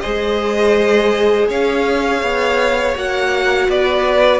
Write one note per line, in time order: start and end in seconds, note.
0.00 1.49 G#3
0.00 2.95 G#4
0.00 1.48 C5
0.00 1.46 D#5
1.48 2.22 C#4
1.48 3.68 C#5
1.48 2.97 F5
2.22 2.95 B3
2.95 3.68 A#3
2.95 4.40 F#4
2.95 3.70 F#5
3.68 4.40 B3
3.68 4.40 B4
3.68 4.40 D5